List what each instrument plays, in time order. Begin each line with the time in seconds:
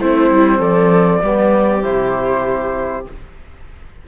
0.00 cello A3, trombone C4, viola E4, flute C5
0.30 cello G3
0.59 cello F3, viola A4, flute D5
1.23 cello G3, trombone B3, viola G4
1.82 cello C3, trombone E4, flute C5